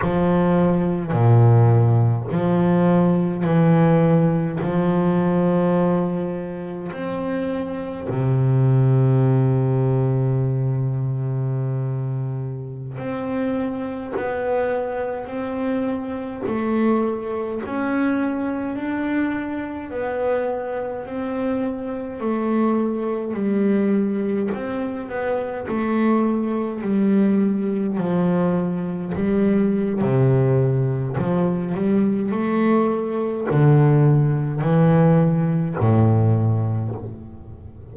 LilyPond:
\new Staff \with { instrumentName = "double bass" } { \time 4/4 \tempo 4 = 52 f4 ais,4 f4 e4 | f2 c'4 c4~ | c2.~ c16 c'8.~ | c'16 b4 c'4 a4 cis'8.~ |
cis'16 d'4 b4 c'4 a8.~ | a16 g4 c'8 b8 a4 g8.~ | g16 f4 g8. c4 f8 g8 | a4 d4 e4 a,4 | }